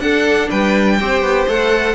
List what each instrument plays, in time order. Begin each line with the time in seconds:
0.00 cello D4, viola D4, violin A4 F#5
0.50 cello G3, violin B4 G5
1.00 cello C4, viola G4, violin C5
1.23 cello B3
1.48 cello A3, viola A4, violin F#5